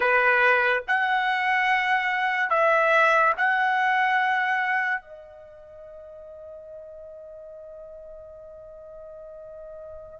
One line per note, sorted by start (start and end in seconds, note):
0.00 0.82 B4
0.87 2.50 F#5
2.50 3.33 E5
3.37 5.01 F#5
5.01 10.19 D#5